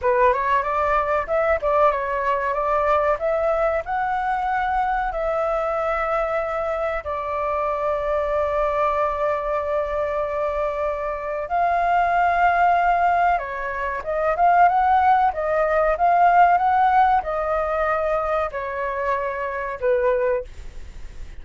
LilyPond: \new Staff \with { instrumentName = "flute" } { \time 4/4 \tempo 4 = 94 b'8 cis''8 d''4 e''8 d''8 cis''4 | d''4 e''4 fis''2 | e''2. d''4~ | d''1~ |
d''2 f''2~ | f''4 cis''4 dis''8 f''8 fis''4 | dis''4 f''4 fis''4 dis''4~ | dis''4 cis''2 b'4 | }